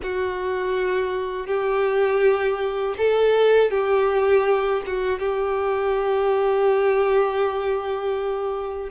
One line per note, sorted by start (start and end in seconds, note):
0.02 1.46 F#4
1.46 2.95 G4
2.97 3.70 A4
3.70 4.81 G4
4.86 5.19 F#4
5.19 8.89 G4